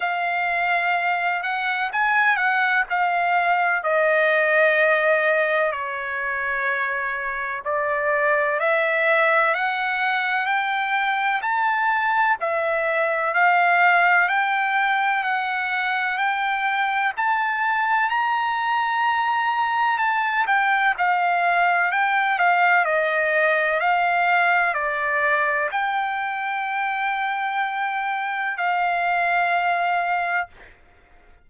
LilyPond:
\new Staff \with { instrumentName = "trumpet" } { \time 4/4 \tempo 4 = 63 f''4. fis''8 gis''8 fis''8 f''4 | dis''2 cis''2 | d''4 e''4 fis''4 g''4 | a''4 e''4 f''4 g''4 |
fis''4 g''4 a''4 ais''4~ | ais''4 a''8 g''8 f''4 g''8 f''8 | dis''4 f''4 d''4 g''4~ | g''2 f''2 | }